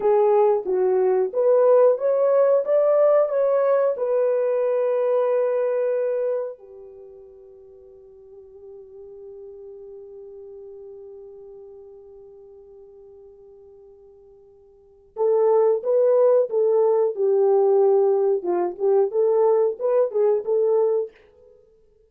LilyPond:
\new Staff \with { instrumentName = "horn" } { \time 4/4 \tempo 4 = 91 gis'4 fis'4 b'4 cis''4 | d''4 cis''4 b'2~ | b'2 g'2~ | g'1~ |
g'1~ | g'2. a'4 | b'4 a'4 g'2 | f'8 g'8 a'4 b'8 gis'8 a'4 | }